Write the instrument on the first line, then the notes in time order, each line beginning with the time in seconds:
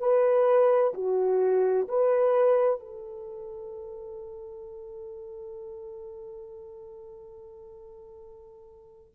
horn
0.00 B4
0.94 F#4
1.88 B4
2.80 A4